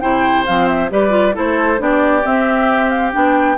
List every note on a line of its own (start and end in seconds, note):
0.00 0.47 C3
0.00 0.46 E4
0.00 0.90 C5
0.00 0.44 G5
0.46 0.91 F3
0.46 0.90 C4
0.46 0.68 F5
0.68 0.90 E5
0.90 1.36 G3
0.90 1.10 G4
0.90 1.35 B4
0.90 1.36 D5
1.10 1.32 F4
1.34 1.80 A3
1.34 1.78 E4
1.34 1.80 A4
1.34 1.81 C5
1.78 2.24 B3
1.78 2.22 D4
1.78 3.57 G4
1.78 2.26 D5
2.25 3.12 C4
2.25 3.14 C4
2.25 2.89 E5
2.89 3.11 F5
3.12 3.57 B3
3.12 3.57 D4
3.12 3.57 G5